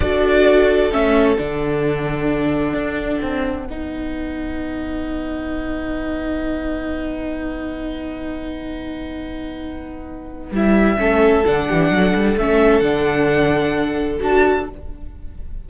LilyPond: <<
  \new Staff \with { instrumentName = "violin" } { \time 4/4 \tempo 4 = 131 d''2 e''4 fis''4~ | fis''1~ | fis''1~ | fis''1~ |
fis''1~ | fis''2. e''4~ | e''4 fis''2 e''4 | fis''2. a''4 | }
  \new Staff \with { instrumentName = "violin" } { \time 4/4 a'1~ | a'1 | b'1~ | b'1~ |
b'1~ | b'1 | a'4. g'8 a'2~ | a'1 | }
  \new Staff \with { instrumentName = "viola" } { \time 4/4 fis'2 cis'4 d'4~ | d'1 | dis'1~ | dis'1~ |
dis'1~ | dis'2. e'4 | cis'4 d'2 cis'4 | d'2. fis'4 | }
  \new Staff \with { instrumentName = "cello" } { \time 4/4 d'2 a4 d4~ | d2 d'4 c'4 | b1~ | b1~ |
b1~ | b2. g4 | a4 d8 e8 fis8 g8 a4 | d2. d'4 | }
>>